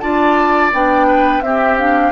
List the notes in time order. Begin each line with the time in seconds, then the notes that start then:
0.00 D4 F4 D5 A5
0.73 B3 D4 G5
1.07 B4
1.41 C4 G4 E5
1.79 D4 F5